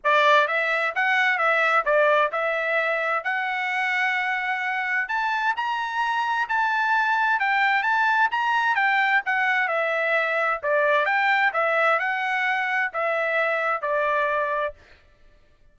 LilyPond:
\new Staff \with { instrumentName = "trumpet" } { \time 4/4 \tempo 4 = 130 d''4 e''4 fis''4 e''4 | d''4 e''2 fis''4~ | fis''2. a''4 | ais''2 a''2 |
g''4 a''4 ais''4 g''4 | fis''4 e''2 d''4 | g''4 e''4 fis''2 | e''2 d''2 | }